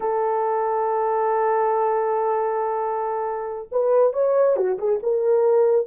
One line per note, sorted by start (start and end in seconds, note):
0.00 3.68 A4
3.71 4.13 B4
4.13 4.56 C#5
4.56 4.78 F#4
4.78 5.00 G#4
5.02 5.86 A#4